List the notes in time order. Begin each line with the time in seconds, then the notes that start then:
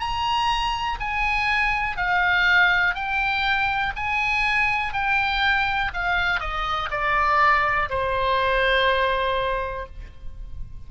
0.00 A#5
1.01 G#5
1.97 F5
2.95 G5
3.96 G#5
4.94 G5
5.94 F5
6.40 D#5
6.91 D5
7.90 C5